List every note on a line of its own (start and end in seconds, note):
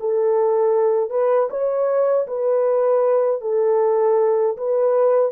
0.00 1.10 A4
1.10 1.49 B4
1.50 2.27 C#5
2.27 3.42 B4
3.42 4.57 A4
4.57 5.32 B4